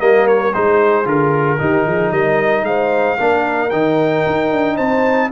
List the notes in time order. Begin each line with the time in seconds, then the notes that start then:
0.00 G3 A#3 A#4 D#5
0.28 C#5
0.54 G#3 D#4 G#4 C5
1.05 D3 F4 A#4
1.59 D#3 D#4 G4
1.85 F3 G#4
2.11 G3 A#4 D#5
2.63 G#3 C5 F5
3.18 A#3 D4 A#4
3.71 D#3 D#4 G5
4.26 D#4
4.52 D4
4.76 C4 C5 A5